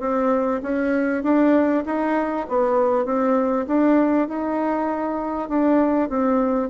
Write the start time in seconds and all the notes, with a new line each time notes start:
0.00 C4
0.62 C#4
1.23 D4
1.85 D#4
2.48 B3
3.05 C4
3.67 D4
4.28 D#4
5.48 D4
6.09 C4